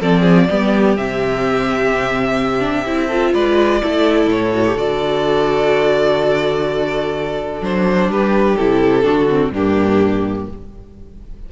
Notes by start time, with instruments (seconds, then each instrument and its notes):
0.00 cello F3, viola C4, violin A4 D5
0.20 violin G#4
0.49 cello G3, viola B3, violin G4
0.96 cello C3, viola C4, violin E5
2.60 viola D4
2.86 cello C4, viola E4
3.07 viola F4, violin A4
3.34 cello G#3, violin B4 D5
3.81 cello A3, viola E4, violin A4
4.26 cello A2, violin C#5
4.54 viola F#4
4.66 viola G4
4.75 cello D3, viola F#4, violin D5
7.61 cello F#3, viola D4, violin C5
8.08 cello G3, violin G4 B4
8.56 cello C3, viola E4, violin A4
9.03 cello D3, viola D4, violin F#4
9.29 viola C4
9.51 cello G2, viola A#3, violin D4 G4